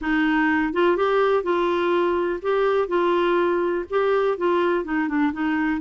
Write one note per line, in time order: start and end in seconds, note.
0.01 0.73 D#4
0.73 0.97 F4
0.97 1.43 G4
1.43 2.40 F4
2.41 2.87 G4
2.87 3.84 F4
3.90 4.37 G4
4.37 4.84 F4
4.84 5.08 D#4
5.08 5.32 D4
5.32 5.80 D#4